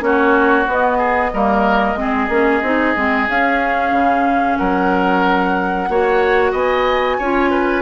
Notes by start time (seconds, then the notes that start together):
0.00 A#3 C#4 F#4 C#5
0.68 B3 D#5
0.98 G#4
1.34 G3 A#3 A#4
1.95 G#3 C4
2.01 G#4
2.29 A#3 C#4
2.62 C4 D#4
2.95 G#3 C4
3.28 C#4 F5
3.91 C#3
4.57 F#3 A#4 F#5
5.89 A#3 F#4 C#5
6.52 B3 D#5 G#5
7.19 C#4 F4 C#5
7.50 B4